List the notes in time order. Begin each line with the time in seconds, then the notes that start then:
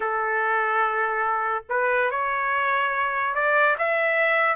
0.00 A4
1.69 B4
2.10 C#5
3.34 D5
3.78 E5